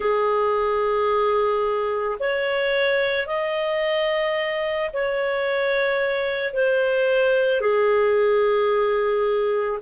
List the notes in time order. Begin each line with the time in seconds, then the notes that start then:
0.00 G#4
2.19 C#5
3.26 D#5
4.93 C#5
6.53 C5
7.61 G#4